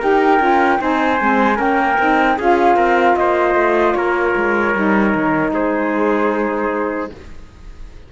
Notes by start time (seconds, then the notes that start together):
0.00 D#4 G4 A#4 G5
0.39 C#4 F4
0.80 C4 D#4 C5 G#5
1.20 G#3 C4
1.55 A#3 C#4 A#4 G5
1.99 C4 D#4
2.38 C#4 F4 G#4 F5
2.76 C4 A#4
3.16 A#3 C5 D#5
3.55 A3
3.94 A#3 A#4 C#5
4.36 G#3
4.75 G3 D#4
5.15 D#3
5.53 G#3 G#4 C5